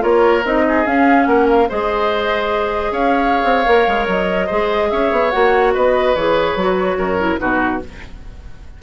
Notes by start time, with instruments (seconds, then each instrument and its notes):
0.00 bassoon A#3, clarinet F4, oboe A#4, flute C#5
0.44 bassoon C4, clarinet D#4, flute D#5
0.68 oboe G#4
0.85 clarinet C#4, bassoon C#4, flute F5
1.26 bassoon A#3, oboe A#4, flute F#5
1.49 flute F5
1.69 bassoon G#3, clarinet G#4, oboe C5, flute D#5
2.91 bassoon C#4, oboe C#5, flute F5
3.44 bassoon C4
3.65 bassoon A#3, clarinet A#4
3.87 bassoon G#3
4.07 bassoon F#3, flute D#5
4.46 bassoon G#3, clarinet G#4, oboe C5
4.90 bassoon C#4, oboe C#5, flute E5
5.12 bassoon B3
5.30 bassoon A#3, clarinet F#4, flute F#5
5.73 bassoon B3, oboe B4, flute D#5
6.15 bassoon E3, clarinet G#4, flute C#5
6.55 bassoon F#3, clarinet F#4
6.97 bassoon F#2, oboe A#4
7.19 clarinet E4
7.38 bassoon B2, clarinet D#4, oboe F#4, flute B4